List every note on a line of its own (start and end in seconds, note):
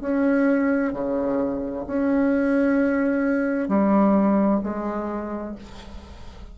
0.00 0.92 C#4
0.92 1.85 C#3
1.87 3.68 C#4
3.68 4.60 G3
4.63 5.55 G#3